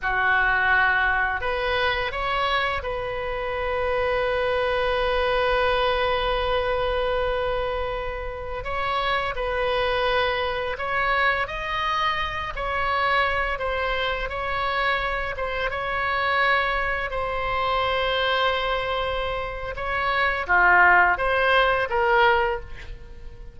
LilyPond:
\new Staff \with { instrumentName = "oboe" } { \time 4/4 \tempo 4 = 85 fis'2 b'4 cis''4 | b'1~ | b'1~ | b'16 cis''4 b'2 cis''8.~ |
cis''16 dis''4. cis''4. c''8.~ | c''16 cis''4. c''8 cis''4.~ cis''16~ | cis''16 c''2.~ c''8. | cis''4 f'4 c''4 ais'4 | }